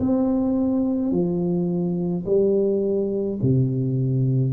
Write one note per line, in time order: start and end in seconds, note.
0.00 1.12 C4
1.12 2.25 F3
2.25 3.39 G3
3.42 4.53 C3